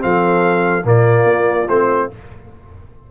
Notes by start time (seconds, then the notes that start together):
0.00 F3 C4 A4 F5
0.84 A#2 A#3 F4 D5
1.24 A#3
1.69 A3 C4 C5